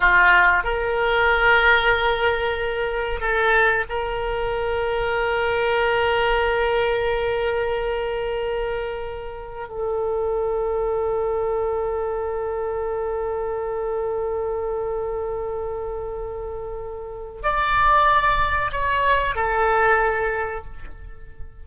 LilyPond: \new Staff \with { instrumentName = "oboe" } { \time 4/4 \tempo 4 = 93 f'4 ais'2.~ | ais'4 a'4 ais'2~ | ais'1~ | ais'2. a'4~ |
a'1~ | a'1~ | a'2. d''4~ | d''4 cis''4 a'2 | }